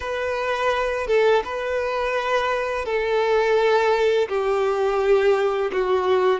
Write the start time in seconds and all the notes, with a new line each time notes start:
0.00 B4
1.07 A4
1.44 B4
2.85 A4
4.28 G4
5.72 F#4